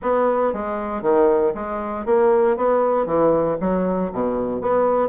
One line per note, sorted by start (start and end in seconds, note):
0.02 0.53 B3
0.53 1.02 G#3
1.02 1.53 D#3
1.54 2.05 G#3
2.05 2.56 A#3
2.56 3.06 B3
3.06 3.57 E3
3.60 4.11 F#3
4.12 4.61 B2
4.61 5.08 B3